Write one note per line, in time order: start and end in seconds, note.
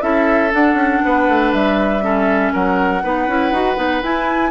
0.00 0.52 C#4
0.00 0.50 E4
0.00 1.02 A4
0.00 0.51 E5
0.51 2.01 D4
0.51 0.74 D4
0.51 1.52 F#5
0.74 0.99 C#4
1.04 1.28 B3
1.04 2.04 B4
1.28 1.52 A3
1.52 2.52 G3
1.52 2.52 E5
2.01 3.01 C#4
2.01 2.52 A4
2.52 3.03 F#3
2.52 3.02 A#4
2.52 4.03 F#5
3.03 3.27 B3
3.03 3.28 D#4
3.03 4.51 B4
3.27 3.51 C#4
3.27 3.52 E4
3.51 3.76 D#4
3.51 3.76 F#4
3.76 4.01 B3
3.76 4.01 D#4
4.02 4.51 E4
4.02 4.51 G#5